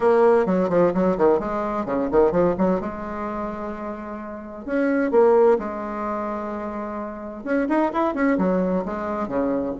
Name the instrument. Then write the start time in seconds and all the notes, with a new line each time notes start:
bassoon
0.00 A#3
0.46 F#3
0.69 F3
0.94 F#3
1.17 D#3
1.39 G#3
1.85 C#3
2.11 D#3
2.31 F3
2.58 F#3
2.80 G#3
4.65 C#4
5.11 A#3
5.59 G#3
7.43 C#4
7.68 D#4
7.92 E4
8.14 C#4
8.37 F#3
8.85 G#3
9.27 C#3